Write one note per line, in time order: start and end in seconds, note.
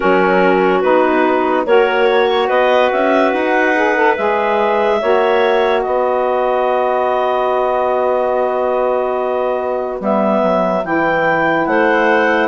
0.00 0.82 F#3
0.00 0.82 C#4
0.00 1.66 F#4
0.00 0.80 A#4
0.80 1.65 B3
0.80 1.65 D#4
0.80 1.64 B4
1.65 2.49 A#3
1.65 3.74 F#4
1.65 2.08 A#4
1.65 2.49 C#5
2.11 2.47 C#5
2.47 2.91 B3
2.47 4.97 B4
2.47 2.90 D#5
2.91 3.33 C#4
2.91 3.31 E5
3.31 4.16 D#4
3.31 4.15 F#5
3.75 3.95 G#4
3.95 4.16 A4
4.16 5.02 G#3
4.16 5.00 G#4
4.16 5.82 E5
5.01 5.85 A#3
5.01 10.00 F#4
5.01 5.82 C#5
5.82 10.00 B3
5.82 11.65 B4
5.82 9.98 D#5
10.00 10.42 G3
10.00 10.83 B3
10.00 10.85 E5
10.42 10.84 F#3
10.84 11.66 E3
10.84 12.48 E4
10.84 11.65 G5
11.65 12.48 A3
11.65 12.48 C5
11.65 12.48 F#5